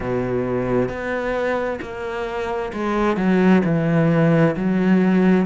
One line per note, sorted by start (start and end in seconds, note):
0.00 0.88 B2
0.88 1.79 B3
1.81 2.72 A#3
2.73 3.17 G#3
3.17 3.62 F#3
3.64 4.55 E3
4.56 5.45 F#3